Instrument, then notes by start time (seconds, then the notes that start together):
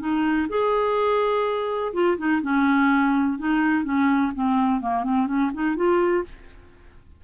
clarinet
0.00 D#4
0.49 G#4
1.94 F4
2.18 D#4
2.43 C#4
3.39 D#4
3.85 C#4
4.35 C4
4.81 A#3
5.04 C4
5.27 C#4
5.54 D#4
5.77 F4